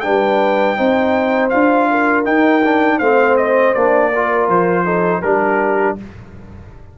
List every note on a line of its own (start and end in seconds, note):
0.00 0.79 G3
0.00 0.76 D4
0.00 0.77 B4
0.00 1.48 G5
0.76 1.53 C4
0.76 1.50 D#4
0.76 1.88 C5
1.50 2.27 D4
1.50 2.25 F4
1.50 2.24 F5
1.91 2.98 A#4
2.25 2.62 D#4
2.25 3.00 D#4
2.25 2.99 G5
2.64 3.01 D4
2.98 3.74 A3
2.98 3.75 C4
2.98 4.09 C5
2.98 3.36 F5
3.37 3.74 D#5
3.74 4.48 A#3
3.74 4.12 D4
3.74 4.48 D5
4.12 4.85 F4
4.12 4.84 A#4
4.48 5.22 F3
4.48 5.22 C5
4.84 5.22 D#4
4.84 5.21 A4
5.22 5.98 G3
5.22 5.97 D4
5.22 5.96 G4
5.22 5.96 A#4